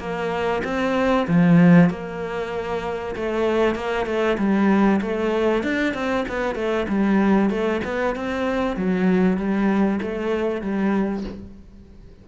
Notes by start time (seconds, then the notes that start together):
0.00 A#3
0.64 C4
1.28 F3
1.90 A#3
3.16 A3
3.75 A#3
4.06 A3
4.38 G3
5.01 A3
5.64 D4
5.94 C4
6.28 B3
6.55 A3
6.89 G3
7.50 A3
7.85 B3
8.16 C4
8.77 F#3
9.38 G3
10.02 A3
10.62 G3